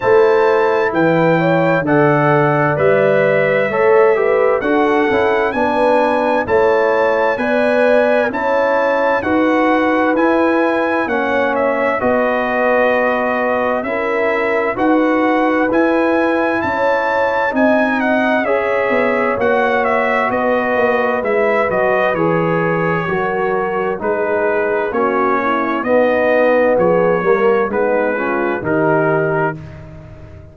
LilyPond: <<
  \new Staff \with { instrumentName = "trumpet" } { \time 4/4 \tempo 4 = 65 a''4 g''4 fis''4 e''4~ | e''4 fis''4 gis''4 a''4 | gis''4 a''4 fis''4 gis''4 | fis''8 e''8 dis''2 e''4 |
fis''4 gis''4 a''4 gis''8 fis''8 | e''4 fis''8 e''8 dis''4 e''8 dis''8 | cis''2 b'4 cis''4 | dis''4 cis''4 b'4 ais'4 | }
  \new Staff \with { instrumentName = "horn" } { \time 4/4 c''4 b'8 cis''8 d''2 | cis''8 b'8 a'4 b'4 cis''4 | d''4 cis''4 b'2 | cis''4 b'2 ais'4 |
b'2 cis''4 dis''4 | cis''2 b'2~ | b'4 ais'4 gis'4 fis'8 e'8 | dis'4 gis'8 ais'8 dis'8 f'8 g'4 | }
  \new Staff \with { instrumentName = "trombone" } { \time 4/4 e'2 a'4 b'4 | a'8 g'8 fis'8 e'8 d'4 e'4 | b'4 e'4 fis'4 e'4 | cis'4 fis'2 e'4 |
fis'4 e'2 dis'4 | gis'4 fis'2 e'8 fis'8 | gis'4 fis'4 dis'4 cis'4 | b4. ais8 b8 cis'8 dis'4 | }
  \new Staff \with { instrumentName = "tuba" } { \time 4/4 a4 e4 d4 g4 | a4 d'8 cis'8 b4 a4 | b4 cis'4 dis'4 e'4 | ais4 b2 cis'4 |
dis'4 e'4 cis'4 c'4 | cis'8 b8 ais4 b8 ais8 gis8 fis8 | e4 fis4 gis4 ais4 | b4 f8 g8 gis4 dis4 | }
>>